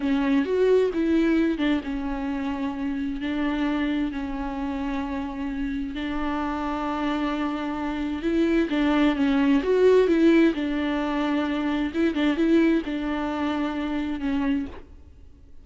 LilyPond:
\new Staff \with { instrumentName = "viola" } { \time 4/4 \tempo 4 = 131 cis'4 fis'4 e'4. d'8 | cis'2. d'4~ | d'4 cis'2.~ | cis'4 d'2.~ |
d'2 e'4 d'4 | cis'4 fis'4 e'4 d'4~ | d'2 e'8 d'8 e'4 | d'2. cis'4 | }